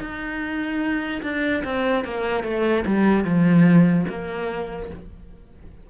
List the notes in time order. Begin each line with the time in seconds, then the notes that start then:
0.00 D#4
1.23 D4
1.64 C4
2.05 A#3
2.44 A3
2.86 G3
3.25 F3
4.09 A#3